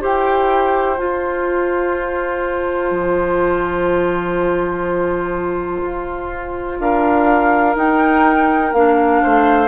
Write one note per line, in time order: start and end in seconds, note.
0.00 0.99 E4
0.00 0.97 G4
0.00 6.78 C5
0.00 0.98 G5
0.98 7.75 F4
0.98 2.91 F4
0.98 6.79 A5
2.91 5.81 F3
5.82 6.79 F4
6.79 7.76 D4
6.79 9.22 A#4
6.79 7.75 F5
7.76 8.72 D#4
7.76 8.73 G5
8.73 9.21 A#3
8.73 9.68 D4
8.73 9.68 F5
9.22 9.68 A3
9.22 9.68 C5